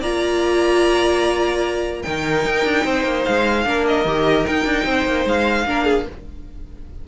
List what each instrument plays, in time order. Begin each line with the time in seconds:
0.00 cello A#3, viola F4, violin D5 A#5
2.02 cello D#3, viola D#4, violin A#4 G5
2.45 cello D#4
2.64 cello D4
2.84 cello C4, violin C5
3.04 cello A#3
3.25 cello G#3, violin F5
3.65 cello A#3, viola D4, violin A#4
3.87 violin D#5
4.05 cello D#3, viola G4
4.47 viola D#4, cello D#4, violin G5
4.65 cello D4
4.85 cello C4, violin C5
5.06 cello A#3
5.25 cello G#3, violin F5
5.66 cello A#3, viola D4, violin A#4
5.84 violin G#4